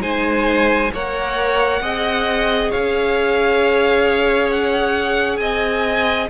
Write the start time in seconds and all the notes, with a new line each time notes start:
0.00 G#3 D#4 C5 G#5
0.92 A#3 A#4 C#5 F#5
1.81 C4 G#4 D#5
2.70 C#4 C#5 F5
4.50 F#5
5.37 C4 D#5 G#5